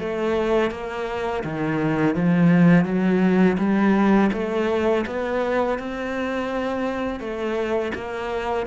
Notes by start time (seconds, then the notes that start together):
0.00 A3
0.71 A#3
1.45 D#3
2.16 F3
2.85 F#3
3.58 G3
4.33 A3
5.07 B3
5.79 C4
7.20 A3
7.96 A#3